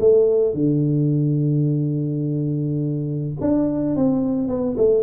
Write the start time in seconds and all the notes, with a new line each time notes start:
0.00 A3
0.54 D3
3.41 D4
3.96 C4
4.49 B3
4.78 A3